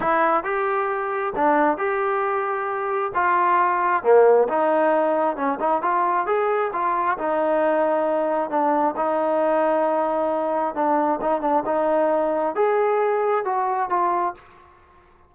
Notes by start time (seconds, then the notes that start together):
0.00 E4
0.43 G4
1.35 D4
1.77 G4
3.14 F4
4.03 A#3
4.48 D#4
5.36 C#4
5.60 D#4
5.82 F4
6.26 G#4
6.72 F4
7.18 D#4
8.50 D4
8.96 D#4
10.75 D4
11.21 D#4
11.41 D4
11.65 D#4
12.55 G#4
13.45 F#4
13.89 F4